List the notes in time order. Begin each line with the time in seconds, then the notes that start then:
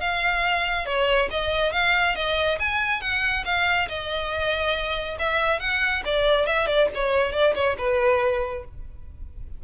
0.00 F5
0.86 C#5
1.30 D#5
1.72 F5
2.15 D#5
2.59 G#5
3.01 F#5
3.45 F5
3.88 D#5
5.19 E5
5.60 F#5
6.05 D5
6.46 E5
6.67 D5
6.94 C#5
7.32 D5
7.55 C#5
7.78 B4